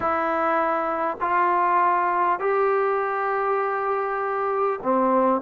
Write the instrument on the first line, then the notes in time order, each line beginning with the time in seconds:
trombone
0.00 E4
1.21 F4
2.39 G4
4.82 C4